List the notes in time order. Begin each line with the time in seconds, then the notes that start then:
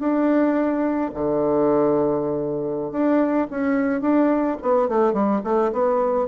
0.00 D4
1.14 D3
2.92 D4
3.51 C#4
4.02 D4
4.63 B3
4.89 A3
5.14 G3
5.44 A3
5.73 B3